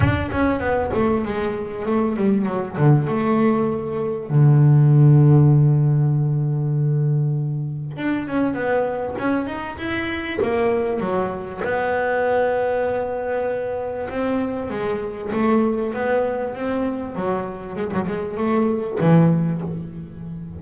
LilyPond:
\new Staff \with { instrumentName = "double bass" } { \time 4/4 \tempo 4 = 98 d'8 cis'8 b8 a8 gis4 a8 g8 | fis8 d8 a2 d4~ | d1~ | d4 d'8 cis'8 b4 cis'8 dis'8 |
e'4 ais4 fis4 b4~ | b2. c'4 | gis4 a4 b4 c'4 | fis4 gis16 fis16 gis8 a4 e4 | }